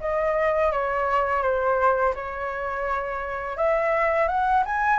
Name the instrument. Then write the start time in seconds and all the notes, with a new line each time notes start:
flute
0.00 D#5
0.71 C#5
1.42 C5
2.14 C#5
3.56 E5
4.28 F#5
4.65 G#5